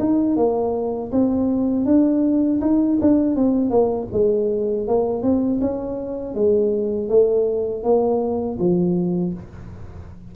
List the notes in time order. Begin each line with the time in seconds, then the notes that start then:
0.00 D#4
0.37 A#3
1.12 C4
1.86 D4
2.61 D#4
3.01 D4
3.36 C4
3.71 A#3
4.13 G#3
4.88 A#3
5.23 C4
5.61 C#4
6.35 G#3
7.09 A3
7.84 A#3
8.59 F3